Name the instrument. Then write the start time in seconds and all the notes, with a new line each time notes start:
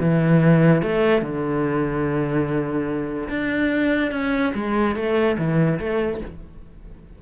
cello
0.00 E3
0.82 A3
1.22 D3
3.29 D4
4.12 C#4
4.55 G#3
4.96 A3
5.38 E3
5.79 A3